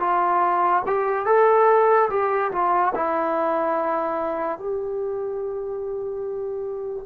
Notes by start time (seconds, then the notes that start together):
0.00 F4
0.86 G4
1.26 A4
2.10 G4
2.52 F4
2.95 E4
4.59 G4